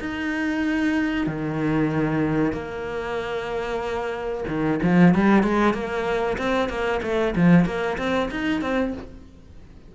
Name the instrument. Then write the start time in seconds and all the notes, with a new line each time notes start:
cello
0.00 D#4
1.26 D#3
2.53 A#3
4.48 D#3
4.82 F3
5.14 G3
5.43 G#3
5.74 A#3
6.38 C4
6.69 A#3
7.02 A3
7.36 F3
7.65 A#3
7.98 C4
8.31 D#4
8.61 C4